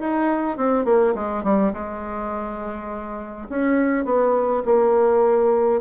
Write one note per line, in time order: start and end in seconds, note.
0.00 0.57 D#4
0.57 0.85 C4
0.85 1.14 A#3
1.15 1.44 G#3
1.44 1.73 G3
1.74 3.48 G#3
3.50 4.05 C#4
4.05 4.63 B3
4.65 5.81 A#3